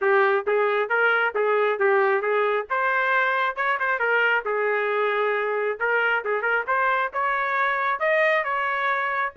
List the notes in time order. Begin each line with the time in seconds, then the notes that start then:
0.01 G4
0.46 G#4
0.89 A#4
1.34 G#4
1.79 G4
2.21 G#4
2.70 C5
3.56 C#5
3.79 C5
3.99 A#4
4.45 G#4
5.79 A#4
6.24 G#4
6.42 A#4
6.67 C5
7.13 C#5
7.99 D#5
8.43 C#5